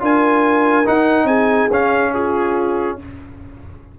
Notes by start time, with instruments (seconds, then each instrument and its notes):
0.00 tuba D4, trombone F4, horn A#4, trumpet G#5
0.86 trombone D#4, tuba D#4, trumpet F#5
1.24 tuba C4, horn G#4, trumpet G#5
1.70 tuba C#4, trombone C#4, trumpet F5
2.14 horn F4, trumpet G#4